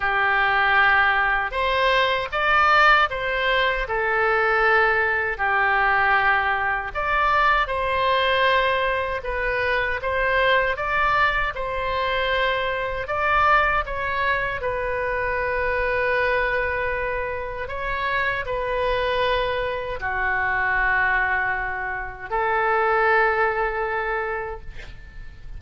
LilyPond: \new Staff \with { instrumentName = "oboe" } { \time 4/4 \tempo 4 = 78 g'2 c''4 d''4 | c''4 a'2 g'4~ | g'4 d''4 c''2 | b'4 c''4 d''4 c''4~ |
c''4 d''4 cis''4 b'4~ | b'2. cis''4 | b'2 fis'2~ | fis'4 a'2. | }